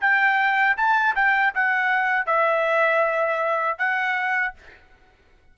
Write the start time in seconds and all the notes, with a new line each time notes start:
0.00 G5
0.77 A5
1.15 G5
1.54 F#5
2.26 E5
3.78 F#5